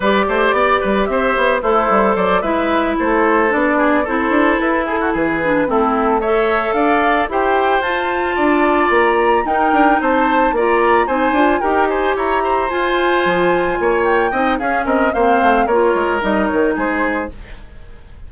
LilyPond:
<<
  \new Staff \with { instrumentName = "flute" } { \time 4/4 \tempo 4 = 111 d''2 e''4 c''4 | d''8 e''4 c''4 d''4 c''8~ | c''8 b'8 a'8 b'4 a'4 e''8~ | e''8 f''4 g''4 a''4.~ |
a''8 ais''4 g''4 a''4 ais''8~ | ais''8 gis''4 g''8 gis''8 ais''4 gis''8~ | gis''2 g''4 f''8 dis''8 | f''4 cis''4 dis''8 cis''8 c''4 | }
  \new Staff \with { instrumentName = "oboe" } { \time 4/4 b'8 c''8 d''8 b'8 c''4 e'4 | c''8 b'4 a'4. gis'8 a'8~ | a'4 gis'16 fis'16 gis'4 e'4 cis''8~ | cis''8 d''4 c''2 d''8~ |
d''4. ais'4 c''4 d''8~ | d''8 c''4 ais'8 c''8 cis''8 c''4~ | c''4. cis''4 dis''8 gis'8 ais'8 | c''4 ais'2 gis'4 | }
  \new Staff \with { instrumentName = "clarinet" } { \time 4/4 g'2. a'4~ | a'8 e'2 d'4 e'8~ | e'2 d'8 c'4 a'8~ | a'4. g'4 f'4.~ |
f'4. dis'2 f'8~ | f'8 dis'8 f'8 g'2 f'8~ | f'2~ f'8 dis'8 cis'4 | c'4 f'4 dis'2 | }
  \new Staff \with { instrumentName = "bassoon" } { \time 4/4 g8 a8 b8 g8 c'8 b8 a8 g8 | fis8 gis4 a4 b4 c'8 | d'8 e'4 e4 a4.~ | a8 d'4 e'4 f'4 d'8~ |
d'8 ais4 dis'8 d'8 c'4 ais8~ | ais8 c'8 d'8 dis'4 e'4 f'8~ | f'8 f4 ais4 c'8 cis'8 c'8 | ais8 a8 ais8 gis8 g8 dis8 gis4 | }
>>